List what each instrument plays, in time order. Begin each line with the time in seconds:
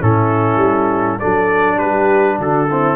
0.00 tuba A2, trombone C#4, horn E4, trumpet A4
0.56 tuba G3
1.19 tuba F#3, trombone D4, horn A4, trumpet D5
1.76 tuba G3, horn G4, trumpet B4
2.38 tuba D3, horn F#4, trumpet A4
2.70 trombone C4, horn E4